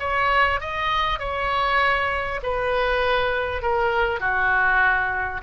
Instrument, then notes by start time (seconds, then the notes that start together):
oboe
0.00 C#5
0.61 D#5
1.20 C#5
2.43 B4
3.62 A#4
4.20 F#4